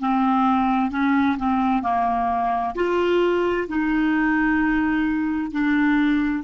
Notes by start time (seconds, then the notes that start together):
0.00 C4
0.91 C#4
1.38 C4
1.83 A#3
2.75 F4
3.68 D#4
5.52 D4